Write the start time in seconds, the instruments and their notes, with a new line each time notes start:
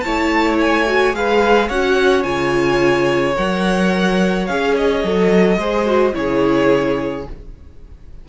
0.00 viola E4, violin C#5 A5
0.06 cello A3
0.60 violin G#5
0.86 viola F#4
1.13 cello G#3, viola G#4, violin B4 F5
1.68 cello C#4, viola F#4, violin C#5 F#5
2.23 cello C#3, viola F4, violin G#5
3.35 cello F#3, viola A#4, violin F#5
4.46 cello C#4, viola G#4, violin F5
4.76 violin D#5
5.03 cello F#3, viola A4
5.57 cello G#3, viola G#4, violin C5
5.86 viola F#4
6.13 cello C#3, viola E4, violin G#4 C#5